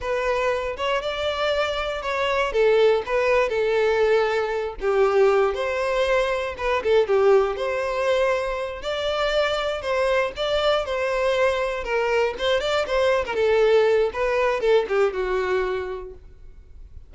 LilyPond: \new Staff \with { instrumentName = "violin" } { \time 4/4 \tempo 4 = 119 b'4. cis''8 d''2 | cis''4 a'4 b'4 a'4~ | a'4. g'4. c''4~ | c''4 b'8 a'8 g'4 c''4~ |
c''4. d''2 c''8~ | c''8 d''4 c''2 ais'8~ | ais'8 c''8 d''8 c''8. ais'16 a'4. | b'4 a'8 g'8 fis'2 | }